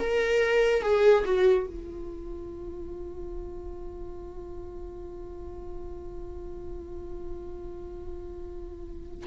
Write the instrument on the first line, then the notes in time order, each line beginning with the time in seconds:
viola
0.00 A#4
0.82 G#4
1.25 F#4
1.67 F4